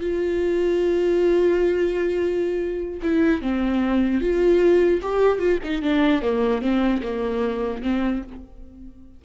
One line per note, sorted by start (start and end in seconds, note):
0.00 3.00 F4
3.02 3.41 E4
3.41 4.21 C4
4.21 5.01 F4
5.02 5.39 G4
5.39 5.59 F4
5.63 5.82 D#4
5.82 6.22 D4
6.22 6.61 A#3
6.61 7.01 C4
7.02 7.82 A#3
7.82 8.22 C4